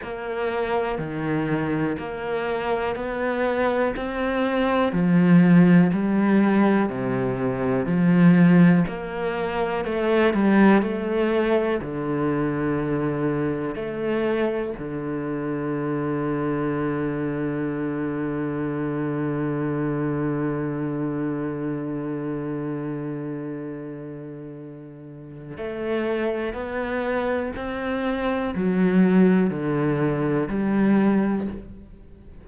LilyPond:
\new Staff \with { instrumentName = "cello" } { \time 4/4 \tempo 4 = 61 ais4 dis4 ais4 b4 | c'4 f4 g4 c4 | f4 ais4 a8 g8 a4 | d2 a4 d4~ |
d1~ | d1~ | d2 a4 b4 | c'4 fis4 d4 g4 | }